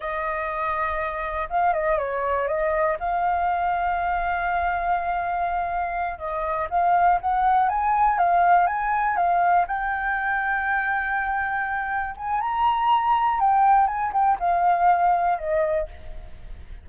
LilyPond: \new Staff \with { instrumentName = "flute" } { \time 4/4 \tempo 4 = 121 dis''2. f''8 dis''8 | cis''4 dis''4 f''2~ | f''1~ | f''8 dis''4 f''4 fis''4 gis''8~ |
gis''8 f''4 gis''4 f''4 g''8~ | g''1~ | g''8 gis''8 ais''2 g''4 | gis''8 g''8 f''2 dis''4 | }